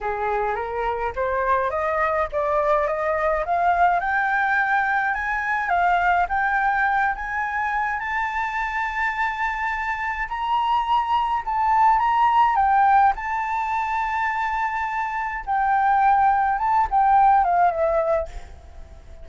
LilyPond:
\new Staff \with { instrumentName = "flute" } { \time 4/4 \tempo 4 = 105 gis'4 ais'4 c''4 dis''4 | d''4 dis''4 f''4 g''4~ | g''4 gis''4 f''4 g''4~ | g''8 gis''4. a''2~ |
a''2 ais''2 | a''4 ais''4 g''4 a''4~ | a''2. g''4~ | g''4 a''8 g''4 f''8 e''4 | }